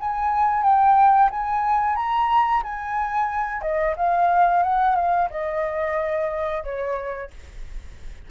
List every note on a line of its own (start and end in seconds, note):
0.00 0.63 G#5
0.63 1.30 G5
1.31 1.96 G#5
1.96 2.63 A#5
2.63 3.62 G#5
3.62 3.95 D#5
3.97 4.63 F5
4.63 4.96 F#5
4.96 5.29 F5
5.30 6.64 D#5
6.64 7.31 C#5